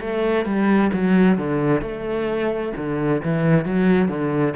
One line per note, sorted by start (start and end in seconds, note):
0.00 0.45 A3
0.45 0.91 G3
0.93 1.38 F#3
1.38 1.81 D3
1.81 2.72 A3
2.76 3.22 D3
3.24 3.65 E3
3.65 4.08 F#3
4.08 4.54 D3